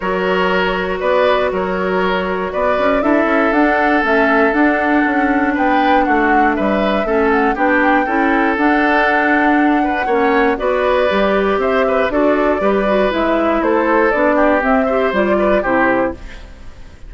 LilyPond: <<
  \new Staff \with { instrumentName = "flute" } { \time 4/4 \tempo 4 = 119 cis''2 d''4 cis''4~ | cis''4 d''4 e''4 fis''4 | e''4 fis''2 g''4 | fis''4 e''4. fis''8 g''4~ |
g''4 fis''2.~ | fis''4 d''2 e''4 | d''2 e''4 c''4 | d''4 e''4 d''4 c''4 | }
  \new Staff \with { instrumentName = "oboe" } { \time 4/4 ais'2 b'4 ais'4~ | ais'4 b'4 a'2~ | a'2. b'4 | fis'4 b'4 a'4 g'4 |
a'2.~ a'8 b'8 | cis''4 b'2 c''8 b'8 | a'4 b'2 a'4~ | a'8 g'4 c''4 b'8 g'4 | }
  \new Staff \with { instrumentName = "clarinet" } { \time 4/4 fis'1~ | fis'2 e'4 d'4 | cis'4 d'2.~ | d'2 cis'4 d'4 |
e'4 d'2. | cis'4 fis'4 g'2 | fis'4 g'8 fis'8 e'2 | d'4 c'8 g'8 f'4 e'4 | }
  \new Staff \with { instrumentName = "bassoon" } { \time 4/4 fis2 b4 fis4~ | fis4 b8 cis'8 d'8 cis'8 d'4 | a4 d'4 cis'4 b4 | a4 g4 a4 b4 |
cis'4 d'2. | ais4 b4 g4 c'4 | d'4 g4 gis4 a4 | b4 c'4 g4 c4 | }
>>